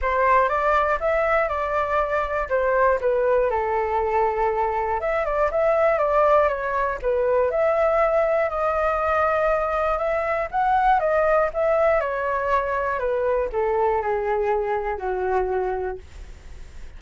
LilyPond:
\new Staff \with { instrumentName = "flute" } { \time 4/4 \tempo 4 = 120 c''4 d''4 e''4 d''4~ | d''4 c''4 b'4 a'4~ | a'2 e''8 d''8 e''4 | d''4 cis''4 b'4 e''4~ |
e''4 dis''2. | e''4 fis''4 dis''4 e''4 | cis''2 b'4 a'4 | gis'2 fis'2 | }